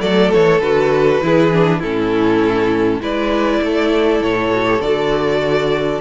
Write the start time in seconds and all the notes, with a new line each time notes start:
0.00 F#3 A3 A4 D5
0.32 E3 C#5
0.60 D3 F#4 B4
1.21 E3 E4 G#4
1.52 D4
1.79 A2 C#4 E4 A4
3.00 G#3 E4 B4 D5
3.61 A3 A4
4.21 A2 C#5
4.51 F#4
4.65 G4
4.80 D3 F#4 D5